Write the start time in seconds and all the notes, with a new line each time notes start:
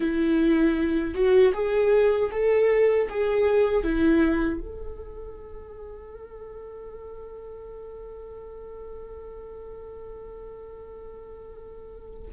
0.00 E4
1.14 F#4
1.53 G#4
2.31 A4
3.09 G#4
3.83 E4
4.60 A4